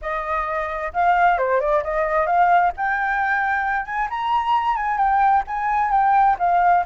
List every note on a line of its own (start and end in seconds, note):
0.01 0.92 D#5
0.93 1.38 F5
1.38 1.60 C5
1.60 1.83 D5
1.83 2.26 D#5
2.26 2.71 F5
2.76 3.85 G5
3.85 4.08 G#5
4.10 4.76 A#5
4.76 4.97 G#5
4.97 5.43 G5
5.47 5.91 G#5
5.91 6.36 G5
6.38 6.84 F5